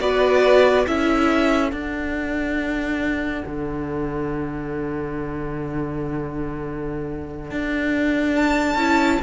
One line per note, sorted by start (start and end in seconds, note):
0.00 0.86 B3
0.00 0.86 F#4
0.00 0.86 B4
0.00 0.86 D5
0.86 1.72 C#4
0.86 1.71 E4
0.86 9.22 A4
0.86 1.71 E5
1.71 8.78 D4
1.71 3.44 D4
1.71 8.35 F#5
3.46 7.51 D3
7.51 8.75 D4
8.36 9.22 A5
8.75 9.18 C#4
8.75 9.21 E4